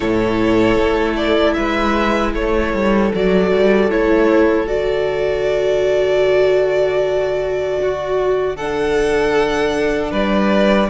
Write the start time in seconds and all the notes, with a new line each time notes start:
0.00 A2 E4 A4 C#5
0.76 A3
1.16 D5
1.53 G#3 B4 E5
2.33 A3 A4 C#5
2.73 G3
3.14 F#3 F#4 D5
3.52 G3
3.90 A3 E4 C#5
4.66 D3 F#4 D5
7.82 F#4
8.56 D4 A4 F#5
10.11 G3 B4 D5